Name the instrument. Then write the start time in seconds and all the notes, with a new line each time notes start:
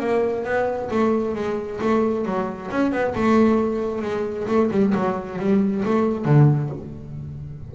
double bass
0.00 A#3
0.45 B3
0.90 A3
1.35 G#3
1.81 A3
2.26 F#3
2.71 C#4
2.92 B3
3.15 A3
4.02 G#3
4.48 A3
4.71 G3
4.95 F#3
5.39 G3
5.85 A3
6.25 D3